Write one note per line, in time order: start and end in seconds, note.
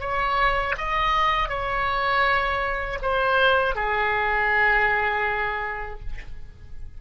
0.00 0.75 C#5
0.77 1.49 D#5
1.49 2.99 C#5
3.02 3.75 C5
3.75 6.00 G#4